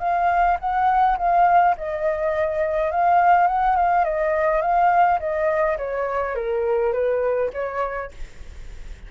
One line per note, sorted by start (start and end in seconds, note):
0.00 0.58 F5
0.60 1.18 F#5
1.18 1.76 F5
1.78 2.92 D#5
2.92 3.48 F5
3.48 3.76 F#5
3.76 4.05 F5
4.05 4.62 D#5
4.62 5.20 F5
5.20 5.78 D#5
5.78 6.36 C#5
6.36 6.93 A#4
6.93 7.51 B4
7.54 8.12 C#5